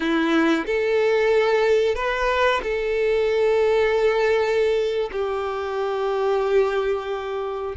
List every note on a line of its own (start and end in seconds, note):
0.00 0.65 E4
0.66 1.95 A4
1.95 2.61 B4
2.62 5.09 A4
5.11 7.75 G4